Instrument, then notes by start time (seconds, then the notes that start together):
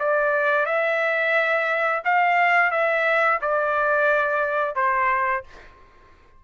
trumpet
0.00 D5
0.66 E5
2.05 F5
2.71 E5
3.42 D5
4.76 C5